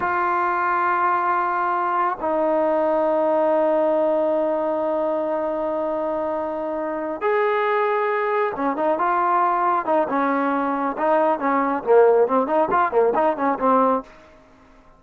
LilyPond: \new Staff \with { instrumentName = "trombone" } { \time 4/4 \tempo 4 = 137 f'1~ | f'4 dis'2.~ | dis'1~ | dis'1~ |
dis'8 gis'2. cis'8 | dis'8 f'2 dis'8 cis'4~ | cis'4 dis'4 cis'4 ais4 | c'8 dis'8 f'8 ais8 dis'8 cis'8 c'4 | }